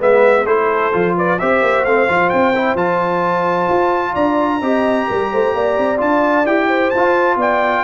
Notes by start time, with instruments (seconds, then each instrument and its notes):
0.00 tuba G#3, trombone B3, horn B4, trumpet E5
0.46 tuba A3, trombone E4, horn A4, trumpet C5
0.93 tuba F3, trombone F4
1.17 horn B4, trumpet D5
1.40 tuba C4, trombone G4, horn C5, trumpet E5
1.63 tuba A#3
1.85 tuba A3, trombone C4, trumpet F5
2.08 tuba F3, trombone F4
2.30 tuba C4, trumpet G5
2.56 trombone E4
2.75 tuba F3, trombone F4, trumpet A5
3.69 tuba F4
4.14 tuba D4, horn D5, trumpet A#5
4.61 tuba C4, trombone G4, horn D#5
5.08 tuba G3, horn A#4
5.32 tuba A3, horn C5
5.55 tuba A#3, horn D5
5.79 tuba C4
5.98 tuba D4, trombone F4, trumpet A5
6.46 tuba E4, trombone G4, trumpet G5
6.68 horn C5
6.91 tuba F4, trumpet A5
6.97 trombone F4
7.37 tuba B3, horn D5, trumpet G5